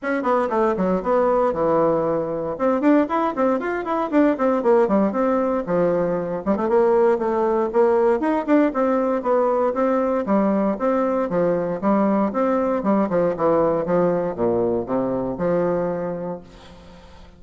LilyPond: \new Staff \with { instrumentName = "bassoon" } { \time 4/4 \tempo 4 = 117 cis'8 b8 a8 fis8 b4 e4~ | e4 c'8 d'8 e'8 c'8 f'8 e'8 | d'8 c'8 ais8 g8 c'4 f4~ | f8 g16 a16 ais4 a4 ais4 |
dis'8 d'8 c'4 b4 c'4 | g4 c'4 f4 g4 | c'4 g8 f8 e4 f4 | ais,4 c4 f2 | }